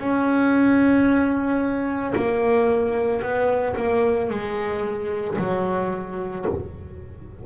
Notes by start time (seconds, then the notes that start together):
0.00 C#4
2.16 A#3
3.23 B3
3.76 A#3
4.30 G#3
5.39 F#3